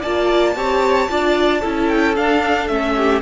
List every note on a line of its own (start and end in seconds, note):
0.00 0.56 A#3
0.00 0.55 F4
0.00 0.53 D5
0.00 1.88 A5
0.55 1.09 C4
0.55 1.09 G4
0.55 1.11 C#5
1.09 1.63 D4
1.09 1.62 F4
1.09 1.61 D5
1.61 2.18 C#4
1.61 2.16 E4
1.61 2.94 A4
1.88 2.15 G5
2.16 2.69 D4
2.16 2.70 D4
2.16 2.68 F5
2.68 3.22 A3
2.68 3.22 C#4
2.68 3.21 E5
2.97 3.22 G4